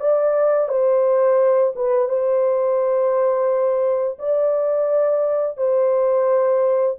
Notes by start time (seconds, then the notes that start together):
0.00 D5
0.68 C5
1.75 B4
2.09 C5
4.19 D5
5.57 C5